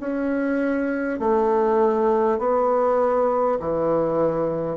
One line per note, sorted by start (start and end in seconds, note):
0.00 1.19 C#4
1.19 2.39 A3
2.39 3.59 B3
3.60 4.77 E3